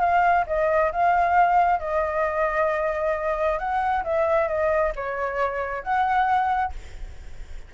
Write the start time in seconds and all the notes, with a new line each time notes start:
0.00 F5
0.47 D#5
0.92 F5
1.80 D#5
3.59 F#5
4.04 E5
4.48 D#5
4.96 C#5
5.83 F#5